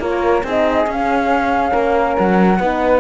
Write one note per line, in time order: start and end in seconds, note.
0.00 0.43 A#3
0.00 0.44 F4
0.00 0.44 A#4
0.00 0.46 C#5
0.44 0.86 C4
0.44 0.88 D#4
0.44 1.72 G#4
0.44 0.92 D#5
0.87 1.72 C#4
0.87 2.61 C#4
0.87 2.18 F5
1.72 2.17 A#3
1.72 2.57 A#4
2.18 2.60 F#3
2.18 3.01 F#5
2.59 3.01 B3
2.59 3.01 D#4
2.59 3.01 B4